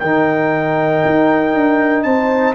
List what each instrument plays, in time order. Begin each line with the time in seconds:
0.00 tuba D#3, trombone D#4, horn A#4, trumpet G5
1.05 tuba D#4
1.55 tuba D4
2.04 tuba C4, horn C5, trumpet A5